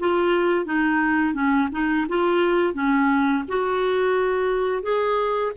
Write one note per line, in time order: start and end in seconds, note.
0.00 0.65 F4
0.65 1.34 D#4
1.34 1.69 C#4
1.72 2.07 D#4
2.09 2.74 F4
2.74 3.44 C#4
3.48 4.83 F#4
4.83 5.52 G#4